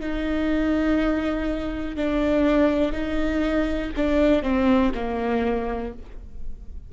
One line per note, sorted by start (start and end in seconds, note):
0.00 1.96 D#4
1.96 2.92 D4
2.92 3.90 D#4
3.96 4.43 D4
4.43 4.92 C4
4.94 5.92 A#3